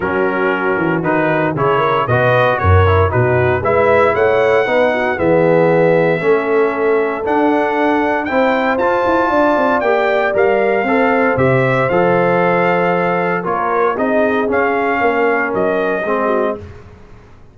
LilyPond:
<<
  \new Staff \with { instrumentName = "trumpet" } { \time 4/4 \tempo 4 = 116 ais'2 b'4 cis''4 | dis''4 cis''4 b'4 e''4 | fis''2 e''2~ | e''2 fis''2 |
g''4 a''2 g''4 | f''2 e''4 f''4~ | f''2 cis''4 dis''4 | f''2 dis''2 | }
  \new Staff \with { instrumentName = "horn" } { \time 4/4 fis'2. gis'8 ais'8 | b'4 ais'4 fis'4 b'4 | cis''4 b'8 fis'8 gis'2 | a'1 |
c''2 d''2~ | d''4 c''2.~ | c''2 ais'4 gis'4~ | gis'4 ais'2 gis'8 fis'8 | }
  \new Staff \with { instrumentName = "trombone" } { \time 4/4 cis'2 dis'4 e'4 | fis'4. e'8 dis'4 e'4~ | e'4 dis'4 b2 | cis'2 d'2 |
e'4 f'2 g'4 | ais'4 a'4 g'4 a'4~ | a'2 f'4 dis'4 | cis'2. c'4 | }
  \new Staff \with { instrumentName = "tuba" } { \time 4/4 fis4. e8 dis4 cis4 | b,4 fis,4 b,4 gis4 | a4 b4 e2 | a2 d'2 |
c'4 f'8 e'8 d'8 c'8 ais4 | g4 c'4 c4 f4~ | f2 ais4 c'4 | cis'4 ais4 fis4 gis4 | }
>>